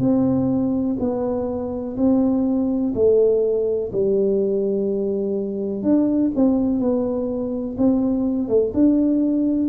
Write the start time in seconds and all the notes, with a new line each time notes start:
0.00 C4
0.99 B3
1.97 C4
2.95 A3
3.93 G3
5.83 D4
6.36 C4
6.80 B3
7.78 C4
8.49 A3
8.74 D4